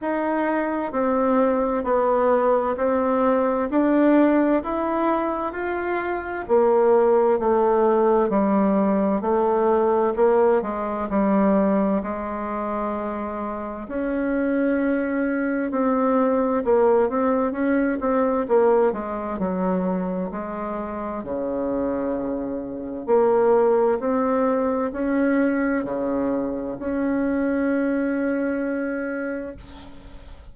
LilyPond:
\new Staff \with { instrumentName = "bassoon" } { \time 4/4 \tempo 4 = 65 dis'4 c'4 b4 c'4 | d'4 e'4 f'4 ais4 | a4 g4 a4 ais8 gis8 | g4 gis2 cis'4~ |
cis'4 c'4 ais8 c'8 cis'8 c'8 | ais8 gis8 fis4 gis4 cis4~ | cis4 ais4 c'4 cis'4 | cis4 cis'2. | }